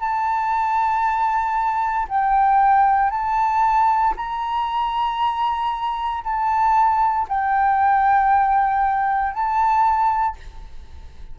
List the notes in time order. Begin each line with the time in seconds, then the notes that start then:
0.00 A5
2.08 G5
3.10 A5
4.16 A#5
6.24 A5
7.29 G5
9.33 A5